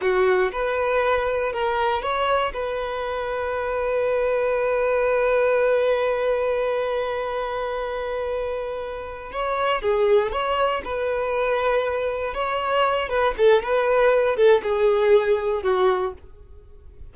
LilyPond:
\new Staff \with { instrumentName = "violin" } { \time 4/4 \tempo 4 = 119 fis'4 b'2 ais'4 | cis''4 b'2.~ | b'1~ | b'1~ |
b'2~ b'8 cis''4 gis'8~ | gis'8 cis''4 b'2~ b'8~ | b'8 cis''4. b'8 a'8 b'4~ | b'8 a'8 gis'2 fis'4 | }